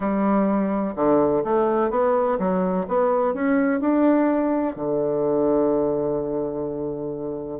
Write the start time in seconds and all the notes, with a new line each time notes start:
0.00 G3
0.95 D3
1.44 A3
1.90 B3
2.38 F#3
2.88 B3
3.34 C#4
3.80 D4
4.75 D3